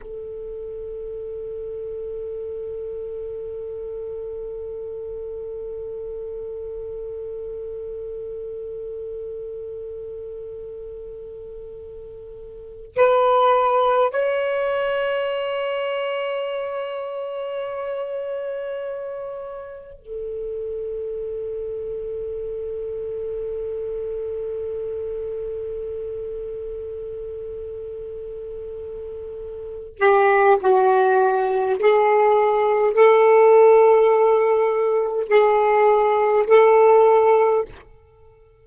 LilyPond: \new Staff \with { instrumentName = "saxophone" } { \time 4/4 \tempo 4 = 51 a'1~ | a'1~ | a'2. b'4 | cis''1~ |
cis''4 a'2.~ | a'1~ | a'4. g'8 fis'4 gis'4 | a'2 gis'4 a'4 | }